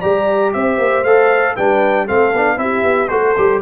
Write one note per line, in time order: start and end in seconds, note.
0.00 0.54 G3
0.00 1.05 G4
0.00 0.51 D5
0.00 0.52 A#5
0.53 0.78 C4
0.53 1.56 C5
0.53 1.04 E5
0.78 1.04 A#3
1.04 1.55 A3
1.04 1.57 A4
1.04 1.55 F5
1.56 2.10 G3
1.56 2.07 D4
1.56 2.05 B4
1.56 2.07 G5
2.05 2.33 A3
2.05 2.33 C4
2.05 2.56 A4
2.05 2.59 F5
2.33 2.57 B3
2.33 2.57 D4
2.57 2.83 C4
2.57 3.08 E4
2.57 3.12 G4
2.57 3.08 E5
2.83 3.09 B3
3.08 3.35 A3
3.08 3.36 F#4
3.08 3.62 A4
3.08 3.59 C5
3.38 3.62 G3
3.38 3.62 G4